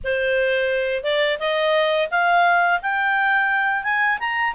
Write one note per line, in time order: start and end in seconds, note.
0.03 1.03 C5
1.03 1.38 D5
1.39 2.09 D#5
2.10 2.80 F5
2.82 3.83 G5
3.83 4.18 G#5
4.19 4.54 A#5